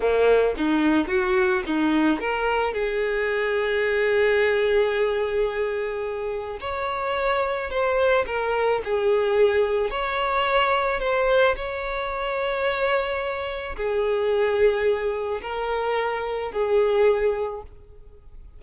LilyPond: \new Staff \with { instrumentName = "violin" } { \time 4/4 \tempo 4 = 109 ais4 dis'4 fis'4 dis'4 | ais'4 gis'2.~ | gis'1 | cis''2 c''4 ais'4 |
gis'2 cis''2 | c''4 cis''2.~ | cis''4 gis'2. | ais'2 gis'2 | }